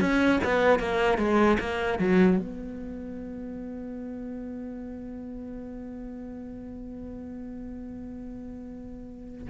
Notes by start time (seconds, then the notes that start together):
0.00 C#4
0.43 B3
0.79 A#3
1.18 G#3
1.59 A#3
1.98 F#3
2.38 B3